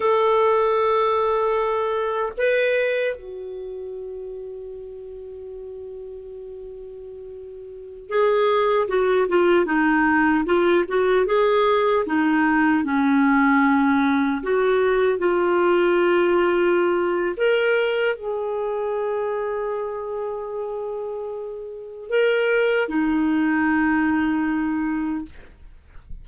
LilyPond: \new Staff \with { instrumentName = "clarinet" } { \time 4/4 \tempo 4 = 76 a'2. b'4 | fis'1~ | fis'2~ fis'16 gis'4 fis'8 f'16~ | f'16 dis'4 f'8 fis'8 gis'4 dis'8.~ |
dis'16 cis'2 fis'4 f'8.~ | f'2 ais'4 gis'4~ | gis'1 | ais'4 dis'2. | }